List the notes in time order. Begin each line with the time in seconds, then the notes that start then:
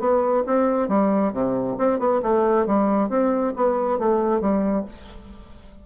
0.00 B3
0.47 C4
0.89 G3
1.33 C3
1.79 C4
2.00 B3
2.23 A3
2.67 G3
3.10 C4
3.57 B3
3.99 A3
4.41 G3